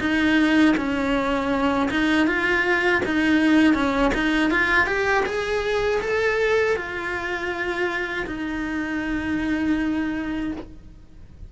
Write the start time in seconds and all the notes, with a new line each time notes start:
0.00 D#4
0.77 C#4
1.91 D#4
2.27 F4
3.05 D#4
3.74 C#4
4.14 D#4
4.50 F4
4.86 G4
5.26 G#4
6.01 A4
6.76 F4
8.27 D#4